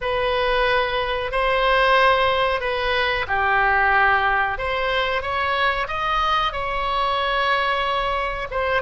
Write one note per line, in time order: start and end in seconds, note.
0.01 1.31 B4
1.31 2.60 C5
2.60 3.25 B4
3.27 4.58 G4
4.58 5.22 C5
5.22 5.87 C#5
5.87 6.52 D#5
6.52 8.48 C#5
8.50 8.82 C5